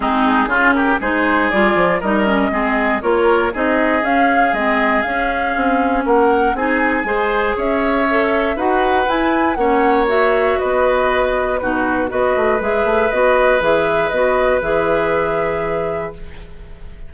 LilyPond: <<
  \new Staff \with { instrumentName = "flute" } { \time 4/4 \tempo 4 = 119 gis'4. ais'8 c''4 d''4 | dis''2 cis''4 dis''4 | f''4 dis''4 f''2 | fis''4 gis''2 e''4~ |
e''4 fis''4 gis''4 fis''4 | e''4 dis''2 b'4 | dis''4 e''4 dis''4 e''4 | dis''4 e''2. | }
  \new Staff \with { instrumentName = "oboe" } { \time 4/4 dis'4 f'8 g'8 gis'2 | ais'4 gis'4 ais'4 gis'4~ | gis'1 | ais'4 gis'4 c''4 cis''4~ |
cis''4 b'2 cis''4~ | cis''4 b'2 fis'4 | b'1~ | b'1 | }
  \new Staff \with { instrumentName = "clarinet" } { \time 4/4 c'4 cis'4 dis'4 f'4 | dis'8 cis'8 c'4 f'4 dis'4 | cis'4 c'4 cis'2~ | cis'4 dis'4 gis'2 |
a'4 fis'4 e'4 cis'4 | fis'2. dis'4 | fis'4 gis'4 fis'4 gis'4 | fis'4 gis'2. | }
  \new Staff \with { instrumentName = "bassoon" } { \time 4/4 gis4 cis4 gis4 g8 f8 | g4 gis4 ais4 c'4 | cis'4 gis4 cis'4 c'4 | ais4 c'4 gis4 cis'4~ |
cis'4 dis'4 e'4 ais4~ | ais4 b2 b,4 | b8 a8 gis8 a8 b4 e4 | b4 e2. | }
>>